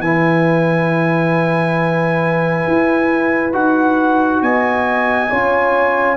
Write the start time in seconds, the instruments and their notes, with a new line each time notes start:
0.00 tuba E3, trombone E4, horn B4, trumpet G#5
2.68 tuba E4
3.53 tuba D#4, trombone F#4, trumpet F#5
4.42 tuba B3, horn D#5, trumpet G#5
5.30 tuba C#4, trombone F4, horn C#5